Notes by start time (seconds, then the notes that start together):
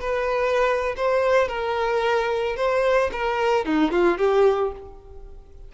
0.00 B4
0.96 C5
1.48 A#4
2.56 C5
3.12 A#4
3.65 D#4
3.91 F4
4.18 G4